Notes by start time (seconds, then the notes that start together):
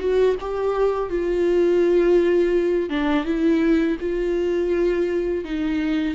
0.00 F#4
0.41 G4
1.10 F4
2.90 D4
3.25 E4
4.01 F4
5.45 D#4